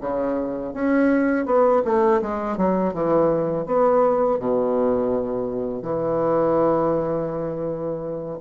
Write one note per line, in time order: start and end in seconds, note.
0.00 0.73 C#3
0.73 1.45 C#4
1.45 1.82 B3
1.84 2.21 A3
2.22 2.57 G#3
2.57 2.93 F#3
2.93 3.66 E3
3.66 4.39 B3
4.39 5.82 B2
5.82 8.38 E3